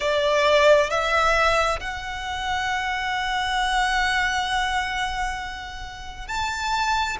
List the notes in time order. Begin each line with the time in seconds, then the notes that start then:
0.00 D5
0.90 E5
1.80 F#5
6.27 A5